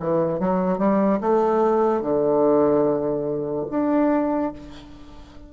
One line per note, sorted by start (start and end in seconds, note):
0.00 0.40 E3
0.40 0.78 F#3
0.78 1.20 G3
1.21 2.02 A3
2.02 3.66 D3
3.71 4.53 D4